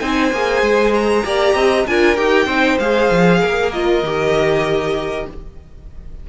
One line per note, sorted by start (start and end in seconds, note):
0.00 0.32 C4
0.00 0.32 D#4
0.00 1.25 C5
0.00 0.93 G#5
0.32 0.62 A#3
0.32 1.24 G#4
0.62 1.24 G#3
0.94 1.87 A#5
1.24 1.55 A#3
1.24 1.86 G4
1.24 1.55 D5
1.55 1.86 C4
1.55 1.86 D#5
1.87 2.18 D4
1.87 2.16 F4
1.87 2.46 A#4
1.87 2.17 G#5
2.16 2.47 D#4
2.16 2.47 G4
2.16 2.79 G5
2.46 2.77 C4
2.46 2.80 D#4
2.46 3.39 C5
2.79 3.10 G#3
2.79 3.73 G#4
2.79 3.72 F5
3.11 3.42 F3
3.41 4.03 A#3
3.41 5.27 A#4
3.73 4.05 F4
3.73 5.27 D#5
4.03 5.27 D#3
4.03 5.29 G4